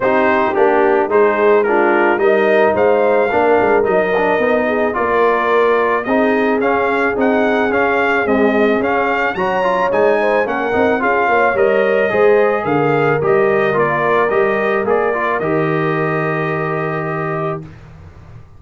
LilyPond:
<<
  \new Staff \with { instrumentName = "trumpet" } { \time 4/4 \tempo 4 = 109 c''4 g'4 c''4 ais'4 | dis''4 f''2 dis''4~ | dis''4 d''2 dis''4 | f''4 fis''4 f''4 dis''4 |
f''4 ais''4 gis''4 fis''4 | f''4 dis''2 f''4 | dis''4 d''4 dis''4 d''4 | dis''1 | }
  \new Staff \with { instrumentName = "horn" } { \time 4/4 g'2 gis'4 f'4 | ais'4 c''4 ais'2~ | ais'8 gis'8 ais'2 gis'4~ | gis'1~ |
gis'4 cis''4. c''8 ais'4 | gis'8 cis''4. c''4 ais'4~ | ais'1~ | ais'1 | }
  \new Staff \with { instrumentName = "trombone" } { \time 4/4 dis'4 d'4 dis'4 d'4 | dis'2 d'4 dis'8 d'8 | dis'4 f'2 dis'4 | cis'4 dis'4 cis'4 gis4 |
cis'4 fis'8 f'8 dis'4 cis'8 dis'8 | f'4 ais'4 gis'2 | g'4 f'4 g'4 gis'8 f'8 | g'1 | }
  \new Staff \with { instrumentName = "tuba" } { \time 4/4 c'4 ais4 gis2 | g4 gis4 ais8 gis8 fis4 | b4 ais2 c'4 | cis'4 c'4 cis'4 c'4 |
cis'4 fis4 gis4 ais8 c'8 | cis'8 ais8 g4 gis4 d4 | g4 ais4 g4 ais4 | dis1 | }
>>